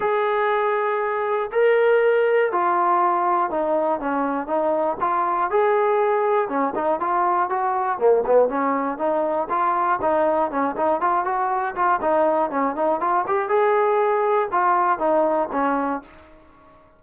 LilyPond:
\new Staff \with { instrumentName = "trombone" } { \time 4/4 \tempo 4 = 120 gis'2. ais'4~ | ais'4 f'2 dis'4 | cis'4 dis'4 f'4 gis'4~ | gis'4 cis'8 dis'8 f'4 fis'4 |
ais8 b8 cis'4 dis'4 f'4 | dis'4 cis'8 dis'8 f'8 fis'4 f'8 | dis'4 cis'8 dis'8 f'8 g'8 gis'4~ | gis'4 f'4 dis'4 cis'4 | }